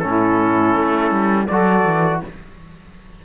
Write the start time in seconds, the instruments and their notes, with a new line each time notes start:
0.00 cello A2, trombone C#4, saxophone E4, trumpet A4
0.76 cello A3
1.11 cello G3
1.48 cello F#3, trombone F#4, saxophone A4, trumpet D5
1.85 cello E3